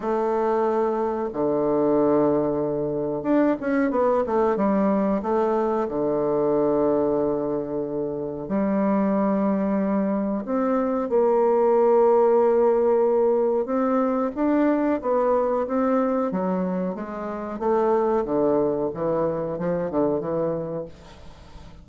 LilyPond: \new Staff \with { instrumentName = "bassoon" } { \time 4/4 \tempo 4 = 92 a2 d2~ | d4 d'8 cis'8 b8 a8 g4 | a4 d2.~ | d4 g2. |
c'4 ais2.~ | ais4 c'4 d'4 b4 | c'4 fis4 gis4 a4 | d4 e4 f8 d8 e4 | }